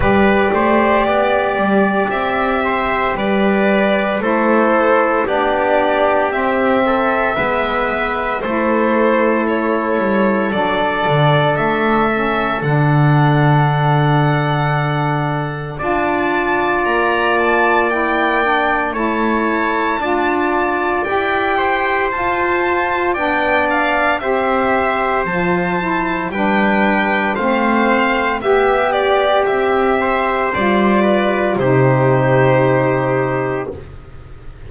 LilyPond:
<<
  \new Staff \with { instrumentName = "violin" } { \time 4/4 \tempo 4 = 57 d''2 e''4 d''4 | c''4 d''4 e''2 | c''4 cis''4 d''4 e''4 | fis''2. a''4 |
ais''8 a''8 g''4 a''2 | g''4 a''4 g''8 f''8 e''4 | a''4 g''4 f''4 e''8 d''8 | e''4 d''4 c''2 | }
  \new Staff \with { instrumentName = "trumpet" } { \time 4/4 b'8 c''8 d''4. c''8 b'4 | a'4 g'4. a'8 b'4 | a'1~ | a'2. d''4~ |
d''2 cis''4 d''4~ | d''8 c''4. d''4 c''4~ | c''4 b'4 c''4 g'4~ | g'8 c''4 b'8 g'2 | }
  \new Staff \with { instrumentName = "saxophone" } { \time 4/4 g'1 | e'4 d'4 c'4 b4 | e'2 d'4. cis'8 | d'2. f'4~ |
f'4 e'8 d'8 e'4 f'4 | g'4 f'4 d'4 g'4 | f'8 e'8 d'4 c'4 g'4~ | g'4 f'4 dis'2 | }
  \new Staff \with { instrumentName = "double bass" } { \time 4/4 g8 a8 b8 g8 c'4 g4 | a4 b4 c'4 gis4 | a4. g8 fis8 d8 a4 | d2. d'4 |
ais2 a4 d'4 | e'4 f'4 b4 c'4 | f4 g4 a4 b4 | c'4 g4 c2 | }
>>